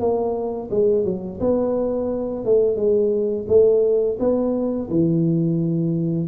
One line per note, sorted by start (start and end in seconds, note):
0.00 0.70 A#3
0.71 1.05 G#3
1.05 1.40 F#3
1.40 2.45 B3
2.45 2.77 A3
2.77 3.46 G#3
3.49 4.18 A3
4.20 4.89 B3
4.90 6.29 E3